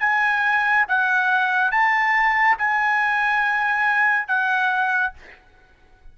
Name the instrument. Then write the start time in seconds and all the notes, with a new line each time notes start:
trumpet
0.00 G#5
0.88 F#5
1.71 A5
2.58 G#5
4.27 F#5